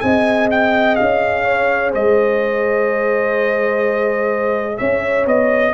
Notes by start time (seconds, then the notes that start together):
0.00 C4 G#4 D#5 G#5
0.50 G5
0.95 C#4 F5
1.44 C#5
1.90 G#3 C5 D#5
4.77 C#4 C#5 E5
5.26 B3 D#5